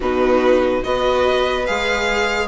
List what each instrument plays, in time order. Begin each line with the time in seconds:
0.00 bassoon B2, viola D#4 F#4, violin B4
0.83 bassoon B3, viola F#4 B4, violin D#5
1.66 bassoon G#3, viola G#4, violin F5